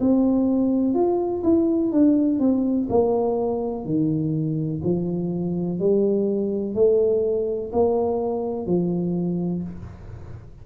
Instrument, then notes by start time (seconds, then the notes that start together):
tuba
0.00 C4
0.94 F4
1.43 E4
1.92 D4
2.39 C4
2.89 A#3
3.85 D#3
4.83 F3
5.79 G3
6.74 A3
7.72 A#3
8.66 F3